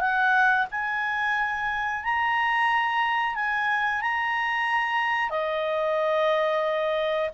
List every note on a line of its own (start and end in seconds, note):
0.00 0.67 F#5
0.71 2.04 G#5
2.04 3.35 A#5
3.35 4.01 G#5
4.01 5.30 A#5
5.30 7.30 D#5